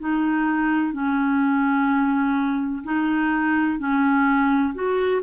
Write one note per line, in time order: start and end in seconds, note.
0.00 0.93 D#4
0.93 2.83 C#4
2.84 3.78 D#4
3.78 4.74 C#4
4.74 5.22 F#4